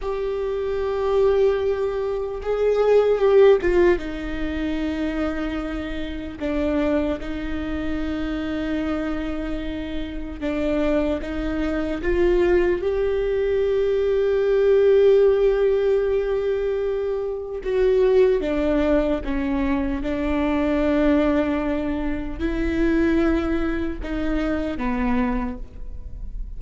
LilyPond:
\new Staff \with { instrumentName = "viola" } { \time 4/4 \tempo 4 = 75 g'2. gis'4 | g'8 f'8 dis'2. | d'4 dis'2.~ | dis'4 d'4 dis'4 f'4 |
g'1~ | g'2 fis'4 d'4 | cis'4 d'2. | e'2 dis'4 b4 | }